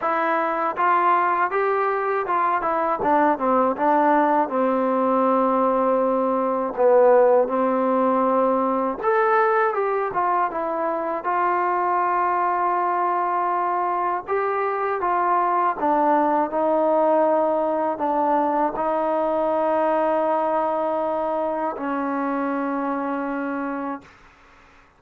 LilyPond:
\new Staff \with { instrumentName = "trombone" } { \time 4/4 \tempo 4 = 80 e'4 f'4 g'4 f'8 e'8 | d'8 c'8 d'4 c'2~ | c'4 b4 c'2 | a'4 g'8 f'8 e'4 f'4~ |
f'2. g'4 | f'4 d'4 dis'2 | d'4 dis'2.~ | dis'4 cis'2. | }